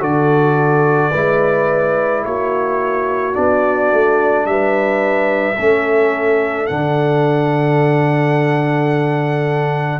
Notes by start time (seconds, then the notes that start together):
0.00 D3 F#4 A4 D5
1.11 G#3 E4 B4
2.24 A#3 F#4 C#5
3.33 B3 D4 D5
3.92 A3
4.46 G3 B4 E5
5.57 A3 C#4 A4
6.67 D3 D4 F#5